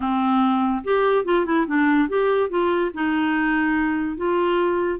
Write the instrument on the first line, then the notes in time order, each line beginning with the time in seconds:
clarinet
0.00 C4
0.84 G4
1.24 F4
1.45 E4
1.67 D4
2.09 G4
2.49 F4
2.93 D#4
4.16 F4